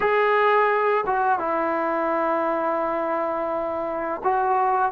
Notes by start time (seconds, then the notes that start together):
0.00 G#4
1.06 F#4
1.39 E4
4.23 F#4